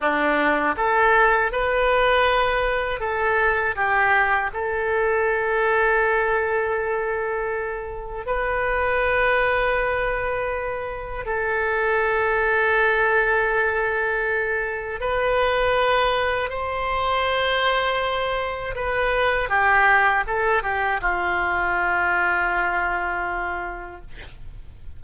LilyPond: \new Staff \with { instrumentName = "oboe" } { \time 4/4 \tempo 4 = 80 d'4 a'4 b'2 | a'4 g'4 a'2~ | a'2. b'4~ | b'2. a'4~ |
a'1 | b'2 c''2~ | c''4 b'4 g'4 a'8 g'8 | f'1 | }